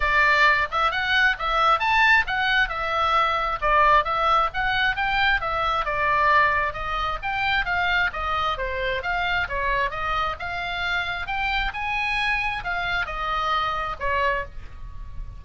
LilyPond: \new Staff \with { instrumentName = "oboe" } { \time 4/4 \tempo 4 = 133 d''4. e''8 fis''4 e''4 | a''4 fis''4 e''2 | d''4 e''4 fis''4 g''4 | e''4 d''2 dis''4 |
g''4 f''4 dis''4 c''4 | f''4 cis''4 dis''4 f''4~ | f''4 g''4 gis''2 | f''4 dis''2 cis''4 | }